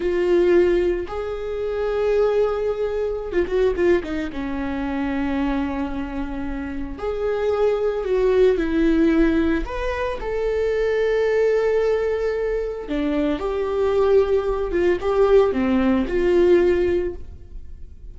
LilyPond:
\new Staff \with { instrumentName = "viola" } { \time 4/4 \tempo 4 = 112 f'2 gis'2~ | gis'2~ gis'16 f'16 fis'8 f'8 dis'8 | cis'1~ | cis'4 gis'2 fis'4 |
e'2 b'4 a'4~ | a'1 | d'4 g'2~ g'8 f'8 | g'4 c'4 f'2 | }